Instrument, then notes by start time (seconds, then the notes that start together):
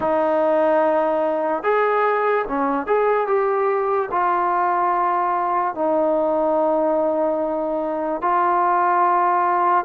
trombone
0.00 D#4
1.63 G#4
2.47 C#4
2.87 G#4
3.27 G4
4.11 F4
5.75 D#4
8.21 F4